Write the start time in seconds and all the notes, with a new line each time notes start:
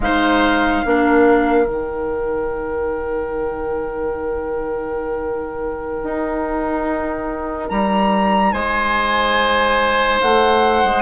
0.00 G#3 D#4 C5 F5
0.85 A#3 D4 A#4
1.65 D#3 D#4 G5
6.03 D#4
7.69 G3 A#5
8.52 G#3 C5 G#5
10.21 A3 F#5
10.84 G#3